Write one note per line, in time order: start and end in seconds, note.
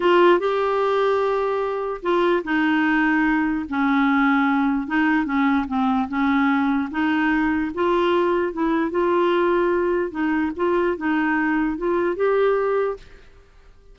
0.00 0.39 F4
0.39 2.01 G4
2.02 2.43 F4
2.43 3.65 D#4
3.69 4.87 C#4
4.87 5.25 D#4
5.25 5.65 C#4
5.67 6.08 C4
6.08 6.89 C#4
6.90 7.71 D#4
7.74 8.52 F4
8.52 8.91 E4
8.91 10.11 F4
10.11 10.51 D#4
10.56 10.97 F4
10.97 11.77 D#4
11.77 12.15 F4
12.15 12.97 G4